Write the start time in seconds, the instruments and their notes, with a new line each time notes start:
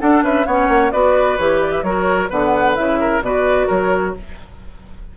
0.00 clarinet D4, bassoon D4, oboe A4, flute F#5
0.23 bassoon C#4, oboe B4, flute E5
0.46 bassoon B3, clarinet C#4, oboe C#5, flute F#5
0.69 bassoon A#3
0.92 bassoon B3, clarinet F#4, oboe B4, flute D5
1.37 bassoon E3, clarinet G4, flute C#5
1.62 flute D5
1.72 flute E5
1.83 bassoon F#3, clarinet F#4, oboe A#4, flute C#5
2.30 bassoon D3, clarinet B3, oboe B4, flute F#5
2.76 bassoon C#3, clarinet E4, flute E5
3.01 oboe A#4
3.21 bassoon B2, clarinet F#4, oboe B4, flute D5
3.67 bassoon F#3, oboe A#4, flute C#5